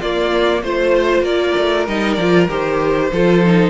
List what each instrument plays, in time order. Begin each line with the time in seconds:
0.00 cello A#3, viola A#3, violin F4 D5
0.62 cello A3, viola F4, violin C5
1.21 cello A#3, violin A#4 D5
1.58 cello A3
1.87 cello G3, viola D#4, violin D#5
2.14 cello F3, violin D5
2.20 viola F4
2.48 cello D#3, viola G4, violin C5
3.12 cello F3, viola F4, violin A4
3.45 viola D#4